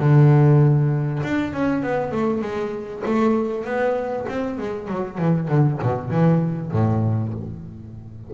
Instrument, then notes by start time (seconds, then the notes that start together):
double bass
0.00 D3
1.24 D4
1.54 C#4
1.83 B3
2.12 A3
2.42 G#3
3.06 A3
3.65 B3
4.29 C4
4.59 G#3
4.88 F#3
5.18 E3
5.48 D3
5.83 B2
6.11 E3
6.72 A2